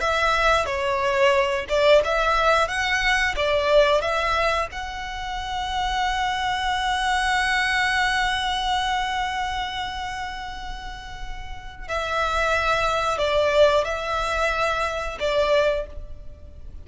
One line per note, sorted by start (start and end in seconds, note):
0.00 0.65 E5
0.65 1.65 C#5
1.68 2.02 D5
2.04 2.68 E5
2.68 3.34 F#5
3.36 4.01 D5
4.01 4.68 E5
4.71 11.88 F#5
11.88 13.18 E5
13.18 13.84 D5
13.84 15.18 E5
15.19 15.86 D5